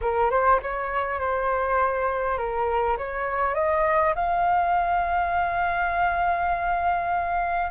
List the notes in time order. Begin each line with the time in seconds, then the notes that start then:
0.01 A#4
0.30 C5
0.62 C#5
1.19 C5
2.37 A#4
2.97 C#5
3.54 D#5
4.15 F5